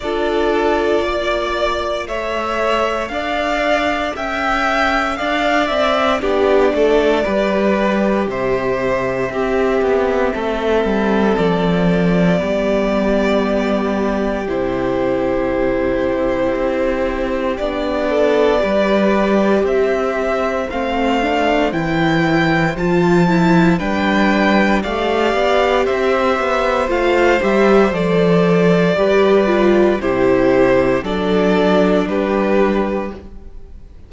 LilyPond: <<
  \new Staff \with { instrumentName = "violin" } { \time 4/4 \tempo 4 = 58 d''2 e''4 f''4 | g''4 f''8 e''8 d''2 | e''2. d''4~ | d''2 c''2~ |
c''4 d''2 e''4 | f''4 g''4 a''4 g''4 | f''4 e''4 f''8 e''8 d''4~ | d''4 c''4 d''4 b'4 | }
  \new Staff \with { instrumentName = "violin" } { \time 4/4 a'4 d''4 cis''4 d''4 | e''4 d''4 g'8 a'8 b'4 | c''4 g'4 a'2 | g'1~ |
g'4. a'8 b'4 c''4~ | c''2. b'4 | d''4 c''2. | b'4 g'4 a'4 g'4 | }
  \new Staff \with { instrumentName = "viola" } { \time 4/4 f'2 a'2~ | a'2 d'4 g'4~ | g'4 c'2. | b2 e'2~ |
e'4 d'4 g'2 | c'8 d'8 e'4 f'8 e'8 d'4 | g'2 f'8 g'8 a'4 | g'8 f'8 e'4 d'2 | }
  \new Staff \with { instrumentName = "cello" } { \time 4/4 d'4 ais4 a4 d'4 | cis'4 d'8 c'8 b8 a8 g4 | c4 c'8 b8 a8 g8 f4 | g2 c2 |
c'4 b4 g4 c'4 | a4 e4 f4 g4 | a8 b8 c'8 b8 a8 g8 f4 | g4 c4 fis4 g4 | }
>>